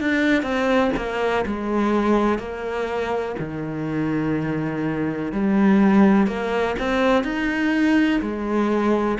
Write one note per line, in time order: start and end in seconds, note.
0.00 0.42 D4
0.42 0.91 C4
0.96 1.45 A#3
1.46 2.38 G#3
2.38 3.35 A#3
3.39 5.32 D#3
5.32 6.27 G3
6.27 6.75 A#3
6.79 7.24 C4
7.24 8.20 D#4
8.21 9.18 G#3